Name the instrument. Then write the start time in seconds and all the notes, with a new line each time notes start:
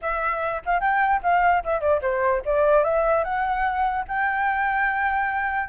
flute
0.01 E5
0.65 F5
0.80 G5
1.23 F5
1.64 E5
1.80 D5
2.01 C5
2.45 D5
2.84 E5
3.24 F#5
4.08 G5